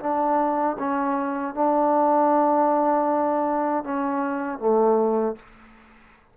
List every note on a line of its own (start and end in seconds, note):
0.00 0.77 D4
0.79 1.55 C#4
1.55 3.84 D4
3.84 4.59 C#4
4.59 5.36 A3